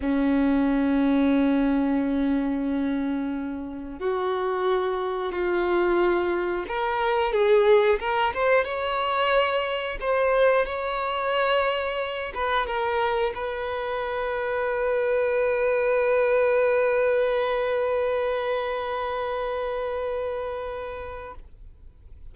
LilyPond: \new Staff \with { instrumentName = "violin" } { \time 4/4 \tempo 4 = 90 cis'1~ | cis'2 fis'2 | f'2 ais'4 gis'4 | ais'8 c''8 cis''2 c''4 |
cis''2~ cis''8 b'8 ais'4 | b'1~ | b'1~ | b'1 | }